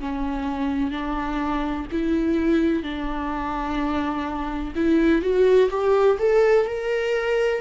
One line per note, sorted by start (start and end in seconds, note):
0.00 0.91 C#4
0.91 1.87 D4
1.92 2.83 E4
2.83 4.74 D4
4.75 5.22 E4
5.22 5.70 F#4
5.70 6.18 G4
6.19 6.66 A4
6.66 7.61 A#4